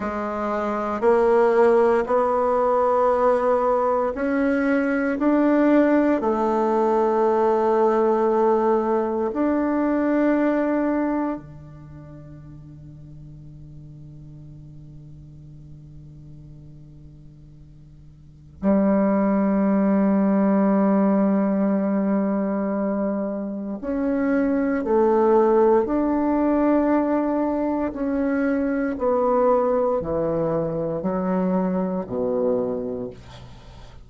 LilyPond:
\new Staff \with { instrumentName = "bassoon" } { \time 4/4 \tempo 4 = 58 gis4 ais4 b2 | cis'4 d'4 a2~ | a4 d'2 d4~ | d1~ |
d2 g2~ | g2. cis'4 | a4 d'2 cis'4 | b4 e4 fis4 b,4 | }